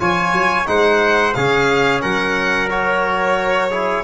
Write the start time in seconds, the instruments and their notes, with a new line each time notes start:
0.00 tuba F3, trombone F4, trumpet C#5, violin G#5
0.32 tuba F#3
0.65 tuba G#3, trombone D#4, trumpet C5, violin F#5
1.33 tuba C#3, trombone C#4, trumpet G#4, violin F5
2.01 tuba F#3, trumpet A#4, violin F#5
2.69 trombone F#4, violin C#5
3.71 trombone E4, trumpet G#4